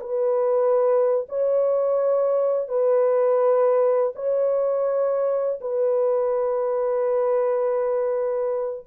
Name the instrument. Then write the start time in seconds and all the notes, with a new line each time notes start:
horn
0.00 B4
1.28 C#5
2.68 B4
4.15 C#5
5.60 B4